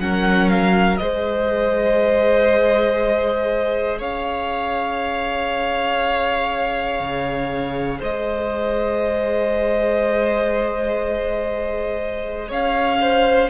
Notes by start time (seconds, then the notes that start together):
0.00 F#3 C#4 A#4 F#5
0.49 F5
0.96 G#3 G#4 C5 D#5
3.99 C#4 C#5 F5
7.00 C#3
8.00 G#3 C5 D#5
12.49 C#4 C#5 F5
13.01 C5